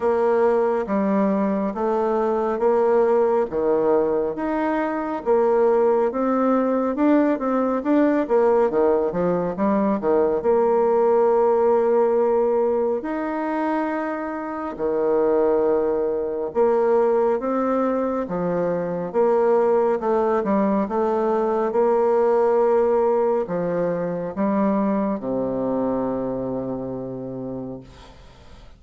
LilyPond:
\new Staff \with { instrumentName = "bassoon" } { \time 4/4 \tempo 4 = 69 ais4 g4 a4 ais4 | dis4 dis'4 ais4 c'4 | d'8 c'8 d'8 ais8 dis8 f8 g8 dis8 | ais2. dis'4~ |
dis'4 dis2 ais4 | c'4 f4 ais4 a8 g8 | a4 ais2 f4 | g4 c2. | }